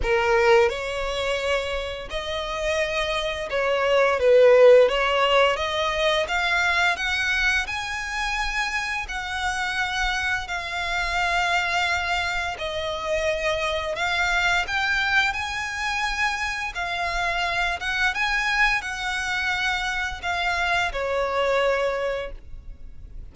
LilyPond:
\new Staff \with { instrumentName = "violin" } { \time 4/4 \tempo 4 = 86 ais'4 cis''2 dis''4~ | dis''4 cis''4 b'4 cis''4 | dis''4 f''4 fis''4 gis''4~ | gis''4 fis''2 f''4~ |
f''2 dis''2 | f''4 g''4 gis''2 | f''4. fis''8 gis''4 fis''4~ | fis''4 f''4 cis''2 | }